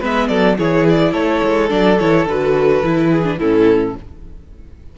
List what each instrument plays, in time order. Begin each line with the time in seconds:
0.00 cello G#3, viola B3, violin B4 E5
0.28 cello F#3, violin A4 D5
0.58 cello E3, viola E4, violin G#4 C#5
0.89 violin D5
1.12 cello A3, violin A4 C#5
1.44 cello G#3
1.69 cello F#3, viola D4, violin D5
1.99 cello E3, viola E4, violin C#5
2.26 cello D3, viola F#4, violin B4
2.83 cello E3, viola E4
3.10 violin G#4
3.24 viola D4
3.38 cello A2, viola C#4, violin E4 A4